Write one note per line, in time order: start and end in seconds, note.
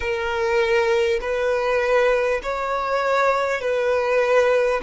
0.00 1.19 A#4
1.20 2.40 B4
2.43 3.60 C#5
3.60 4.80 B4